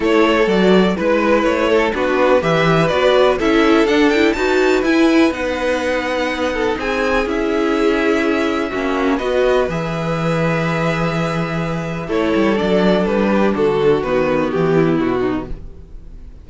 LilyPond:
<<
  \new Staff \with { instrumentName = "violin" } { \time 4/4 \tempo 4 = 124 cis''4 d''4 b'4 cis''4 | b'4 e''4 d''4 e''4 | fis''8 g''8 a''4 gis''4 fis''4~ | fis''2 gis''4 e''4~ |
e''2. dis''4 | e''1~ | e''4 cis''4 d''4 b'4 | a'4 b'4 g'4 fis'4 | }
  \new Staff \with { instrumentName = "violin" } { \time 4/4 a'2 b'4. a'8 | fis'4 b'2 a'4~ | a'4 b'2.~ | b'4. a'8 gis'2~ |
gis'2 fis'4 b'4~ | b'1~ | b'4 a'2~ a'8 g'8 | fis'2~ fis'8 e'4 dis'8 | }
  \new Staff \with { instrumentName = "viola" } { \time 4/4 e'4 fis'4 e'2 | d'4 g'4 fis'4 e'4 | d'8 e'8 fis'4 e'4 dis'4~ | dis'2. e'4~ |
e'2 cis'4 fis'4 | gis'1~ | gis'4 e'4 d'2~ | d'4 b2. | }
  \new Staff \with { instrumentName = "cello" } { \time 4/4 a4 fis4 gis4 a4 | b4 e4 b4 cis'4 | d'4 dis'4 e'4 b4~ | b2 c'4 cis'4~ |
cis'2 ais4 b4 | e1~ | e4 a8 g8 fis4 g4 | d4 dis4 e4 b,4 | }
>>